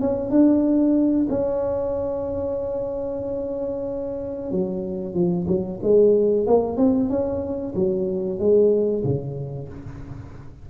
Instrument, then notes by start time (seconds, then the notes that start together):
tuba
0.00 C#4
0.30 D4
1.29 C#4
4.51 F#3
5.14 F3
5.47 F#3
5.82 G#3
6.46 A#3
6.77 C4
7.09 C#4
7.75 F#3
8.39 G#3
9.04 C#3